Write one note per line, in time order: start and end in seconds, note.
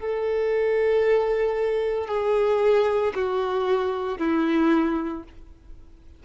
0.00 2.08 A4
2.08 3.13 G#4
3.15 4.18 F#4
4.18 5.23 E4